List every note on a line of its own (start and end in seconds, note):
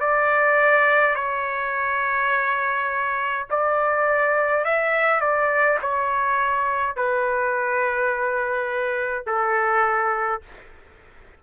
0.00 1.15 D5
1.15 3.46 C#5
3.50 4.65 D5
4.65 5.21 E5
5.21 5.78 D5
5.82 6.96 C#5
6.96 9.26 B4
9.26 10.42 A4